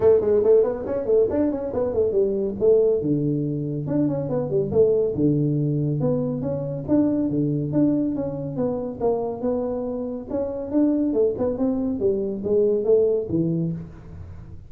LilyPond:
\new Staff \with { instrumentName = "tuba" } { \time 4/4 \tempo 4 = 140 a8 gis8 a8 b8 cis'8 a8 d'8 cis'8 | b8 a8 g4 a4 d4~ | d4 d'8 cis'8 b8 g8 a4 | d2 b4 cis'4 |
d'4 d4 d'4 cis'4 | b4 ais4 b2 | cis'4 d'4 a8 b8 c'4 | g4 gis4 a4 e4 | }